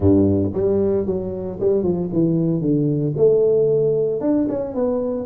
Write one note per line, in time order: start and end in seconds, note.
0.00 0.52 G2
0.53 1.06 G3
1.06 1.58 F#3
1.60 1.83 G3
1.83 2.09 F3
2.12 2.61 E3
2.61 3.13 D3
3.17 4.20 A3
4.20 4.47 D4
4.48 4.74 C#4
4.74 5.26 B3